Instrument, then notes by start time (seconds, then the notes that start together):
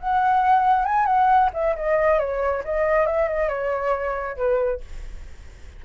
flute
0.00 F#5
0.85 G#5
1.06 F#5
1.54 E5
1.76 D#5
2.20 C#5
2.64 D#5
3.06 E5
3.28 D#5
3.49 C#5
4.37 B4